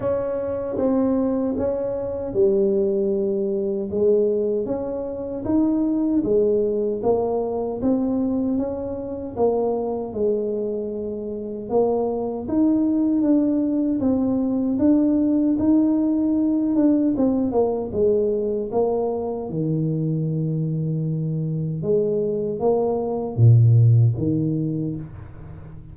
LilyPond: \new Staff \with { instrumentName = "tuba" } { \time 4/4 \tempo 4 = 77 cis'4 c'4 cis'4 g4~ | g4 gis4 cis'4 dis'4 | gis4 ais4 c'4 cis'4 | ais4 gis2 ais4 |
dis'4 d'4 c'4 d'4 | dis'4. d'8 c'8 ais8 gis4 | ais4 dis2. | gis4 ais4 ais,4 dis4 | }